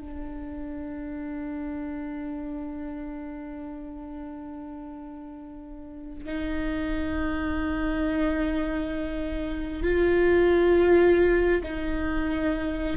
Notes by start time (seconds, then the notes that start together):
0.00 D4
6.26 D#4
9.83 F4
11.63 D#4